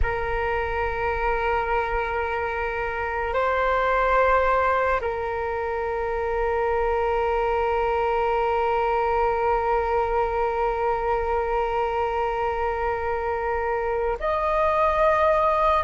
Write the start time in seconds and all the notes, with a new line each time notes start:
0.02 A#4
3.33 C5
5.00 A#4
14.19 D#5